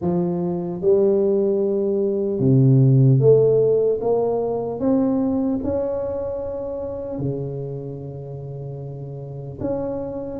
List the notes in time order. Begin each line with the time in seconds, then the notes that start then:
0.01 F3
0.81 G3
2.39 C3
3.19 A3
4.00 A#3
4.79 C4
5.63 C#4
7.18 C#3
9.60 C#4